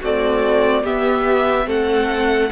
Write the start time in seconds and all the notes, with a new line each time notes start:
0.00 A3 C4 F#4 D5
0.83 B3 G4 E5
1.65 A3 C4 A4 F#5